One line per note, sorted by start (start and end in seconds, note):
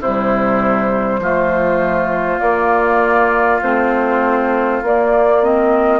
0.00 1.19 C3
0.00 1.22 G3
0.00 1.20 E4
0.00 2.40 C5
1.19 2.39 F3
1.19 2.38 A3
1.19 6.00 F4
2.38 3.58 A#3
2.38 3.60 A#3
2.38 3.60 D5
3.62 4.82 A3
3.62 4.83 C4
3.62 4.82 C5
4.82 6.00 A#3
4.82 5.42 A#3
4.82 5.44 D5
5.42 6.00 C4
5.42 6.00 D#5